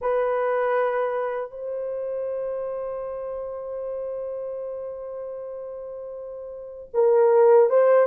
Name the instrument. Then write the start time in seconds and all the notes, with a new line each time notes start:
horn
0.01 B4
1.50 C5
6.93 A#4
7.69 C5